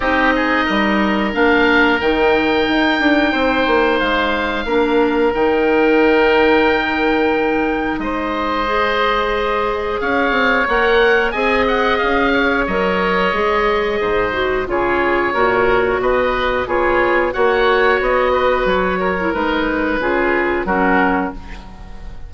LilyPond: <<
  \new Staff \with { instrumentName = "oboe" } { \time 4/4 \tempo 4 = 90 dis''2 f''4 g''4~ | g''2 f''2 | g''1 | dis''2. f''4 |
fis''4 gis''8 fis''8 f''4 dis''4~ | dis''2 cis''2 | dis''4 cis''4 fis''4 dis''4 | cis''4 b'2 ais'4 | }
  \new Staff \with { instrumentName = "oboe" } { \time 4/4 g'8 gis'8 ais'2.~ | ais'4 c''2 ais'4~ | ais'1 | c''2. cis''4~ |
cis''4 dis''4. cis''4.~ | cis''4 c''4 gis'4 ais'4 | b'4 gis'4 cis''4. b'8~ | b'8 ais'4. gis'4 fis'4 | }
  \new Staff \with { instrumentName = "clarinet" } { \time 4/4 dis'2 d'4 dis'4~ | dis'2. d'4 | dis'1~ | dis'4 gis'2. |
ais'4 gis'2 ais'4 | gis'4. fis'8 f'4 fis'4~ | fis'4 f'4 fis'2~ | fis'8. e'16 dis'4 f'4 cis'4 | }
  \new Staff \with { instrumentName = "bassoon" } { \time 4/4 c'4 g4 ais4 dis4 | dis'8 d'8 c'8 ais8 gis4 ais4 | dis1 | gis2. cis'8 c'8 |
ais4 c'4 cis'4 fis4 | gis4 gis,4 cis4 ais,4 | b,4 b4 ais4 b4 | fis4 gis4 cis4 fis4 | }
>>